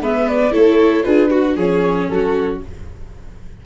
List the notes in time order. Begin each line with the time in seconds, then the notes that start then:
0.00 G#3 B3 B4 E5
0.28 D5
0.51 A3 E4 A4 C#5
1.03 D4 F4 G#4 B4
1.30 F#4
1.56 F3 C#4 G#4 C#5
2.09 F#3 F#4 A4